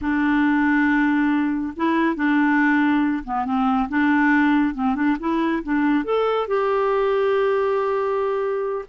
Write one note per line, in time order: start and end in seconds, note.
0.01 1.73 D4
1.76 2.15 E4
2.15 3.23 D4
3.24 3.45 B3
3.45 3.88 C4
3.88 4.74 D4
4.74 4.95 C4
4.95 5.16 D4
5.19 5.62 E4
5.63 6.04 D4
6.04 6.47 A4
6.47 8.85 G4